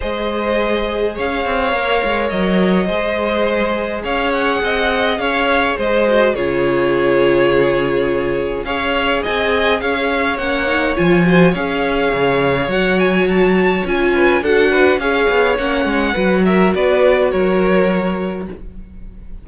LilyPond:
<<
  \new Staff \with { instrumentName = "violin" } { \time 4/4 \tempo 4 = 104 dis''2 f''2 | dis''2. f''8 fis''8~ | fis''4 f''4 dis''4 cis''4~ | cis''2. f''4 |
gis''4 f''4 fis''4 gis''4 | f''2 fis''8 gis''8 a''4 | gis''4 fis''4 f''4 fis''4~ | fis''8 e''8 d''4 cis''2 | }
  \new Staff \with { instrumentName = "violin" } { \time 4/4 c''2 cis''2~ | cis''4 c''2 cis''4 | dis''4 cis''4 c''4 gis'4~ | gis'2. cis''4 |
dis''4 cis''2~ cis''8 c''8 | cis''1~ | cis''8 b'8 a'8 b'8 cis''2 | b'8 ais'8 b'4 ais'2 | }
  \new Staff \with { instrumentName = "viola" } { \time 4/4 gis'2. ais'4~ | ais'4 gis'2.~ | gis'2~ gis'8 fis'8 f'4~ | f'2. gis'4~ |
gis'2 cis'8 dis'8 f'8 fis'8 | gis'2 fis'2 | f'4 fis'4 gis'4 cis'4 | fis'1 | }
  \new Staff \with { instrumentName = "cello" } { \time 4/4 gis2 cis'8 c'8 ais8 gis8 | fis4 gis2 cis'4 | c'4 cis'4 gis4 cis4~ | cis2. cis'4 |
c'4 cis'4 ais4 f4 | cis'4 cis4 fis2 | cis'4 d'4 cis'8 b8 ais8 gis8 | fis4 b4 fis2 | }
>>